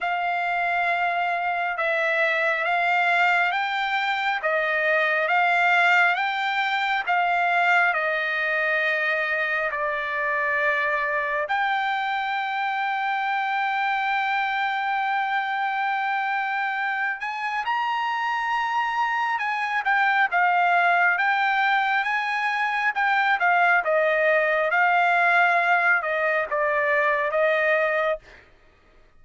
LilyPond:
\new Staff \with { instrumentName = "trumpet" } { \time 4/4 \tempo 4 = 68 f''2 e''4 f''4 | g''4 dis''4 f''4 g''4 | f''4 dis''2 d''4~ | d''4 g''2.~ |
g''2.~ g''8 gis''8 | ais''2 gis''8 g''8 f''4 | g''4 gis''4 g''8 f''8 dis''4 | f''4. dis''8 d''4 dis''4 | }